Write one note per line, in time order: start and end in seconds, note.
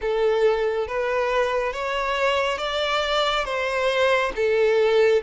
0.01 0.87 A4
0.87 1.72 B4
1.72 2.57 C#5
2.57 3.44 D5
3.45 4.32 C5
4.35 5.22 A4